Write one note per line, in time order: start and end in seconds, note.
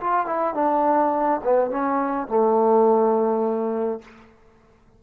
0.00 0.26 F4
0.26 0.54 E4
0.54 1.40 D4
1.43 1.70 B3
1.70 2.28 C#4
2.28 4.01 A3